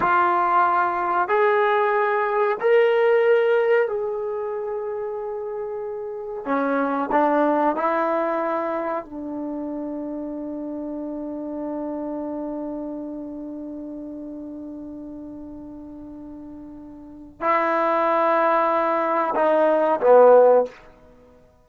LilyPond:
\new Staff \with { instrumentName = "trombone" } { \time 4/4 \tempo 4 = 93 f'2 gis'2 | ais'2 gis'2~ | gis'2 cis'4 d'4 | e'2 d'2~ |
d'1~ | d'1~ | d'2. e'4~ | e'2 dis'4 b4 | }